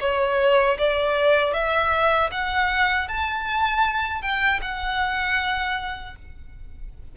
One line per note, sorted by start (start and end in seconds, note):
0.00 0.77 C#5
0.78 1.53 D5
1.53 2.30 E5
2.31 3.08 F#5
3.08 4.22 A5
4.22 4.60 G5
4.62 6.15 F#5